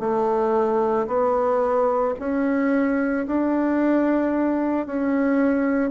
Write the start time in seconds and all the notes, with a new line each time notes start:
0.00 A3
1.08 B3
2.20 C#4
3.27 D4
4.87 C#4